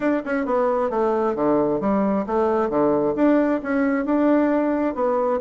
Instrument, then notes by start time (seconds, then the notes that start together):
bassoon
0.00 D4
0.25 C#4
0.45 B3
0.90 A3
1.35 D3
1.80 G3
2.26 A3
2.69 D3
3.15 D4
3.62 C#4
4.05 D4
4.95 B3